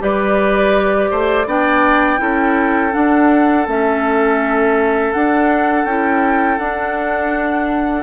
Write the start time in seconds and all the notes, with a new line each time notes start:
0.00 G3 G4 B4 D5
1.11 A3 C5
1.46 B3 D4 D5 G5
2.18 C#4 E4 A4
2.92 D4 F#5
3.68 A3 C#4 E5
5.12 D4 F#5
5.85 C#4 E4 G5
6.58 D4 F#5